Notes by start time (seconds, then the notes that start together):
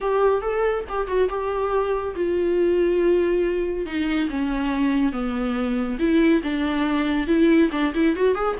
0.00 G4
0.41 A4
0.88 G4
1.07 F#4
1.29 G4
2.15 F4
3.86 D#4
4.29 C#4
5.12 B3
5.99 E4
6.43 D4
7.27 E4
7.71 D4
7.94 E4
8.16 F#4
8.34 G#4